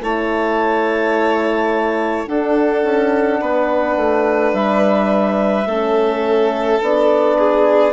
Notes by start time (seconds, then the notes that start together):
0.00 A3 E4 C#5 A5
2.26 D4 A4 F#5
2.83 C#4
3.40 B3 B4
3.96 A3
4.53 G3 E5
5.65 A3 C#4 A4
6.81 B3 D4 D5
7.37 G#4